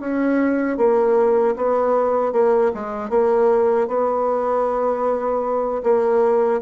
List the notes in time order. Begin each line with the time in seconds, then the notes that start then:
0.00 C#4
0.77 A#3
1.56 B3
2.32 A#3
2.74 G#3
3.10 A#3
3.87 B3
5.83 A#3